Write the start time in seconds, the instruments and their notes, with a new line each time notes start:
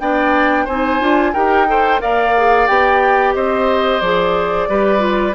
0.00 bassoon B3, clarinet D4, oboe D5, flute G5
0.65 bassoon C4, clarinet D#4, oboe C5, flute G#5
1.00 bassoon D4, clarinet F4
1.33 bassoon D#4, clarinet G4, oboe A#4, flute G5
1.68 clarinet A4, oboe C5
2.00 bassoon A#3, clarinet A#4, oboe D5, flute F5
2.37 clarinet G#4
2.67 bassoon B3, clarinet G4, flute G5
3.35 bassoon C4, oboe C5, flute D#5
4.01 bassoon F3, clarinet G#4, flute D5
4.69 bassoon G3, clarinet G4, oboe B4
4.99 clarinet F4